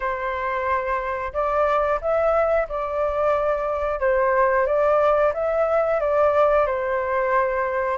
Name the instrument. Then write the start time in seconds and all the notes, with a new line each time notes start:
flute
0.00 C5
1.33 D5
2.01 E5
2.68 D5
3.99 C5
4.66 D5
5.33 E5
6.00 D5
6.66 C5